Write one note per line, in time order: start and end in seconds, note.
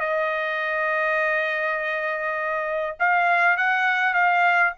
0.00 2.97 D#5
3.00 3.57 F5
3.57 4.14 F#5
4.14 4.74 F5